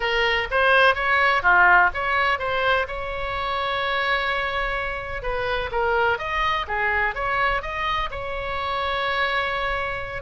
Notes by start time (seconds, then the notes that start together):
0.00 A#4
0.51 C5
0.94 C#5
1.42 F4
1.94 C#5
2.39 C5
2.87 C#5
5.22 B4
5.71 A#4
6.18 D#5
6.67 G#4
7.14 C#5
7.62 D#5
8.10 C#5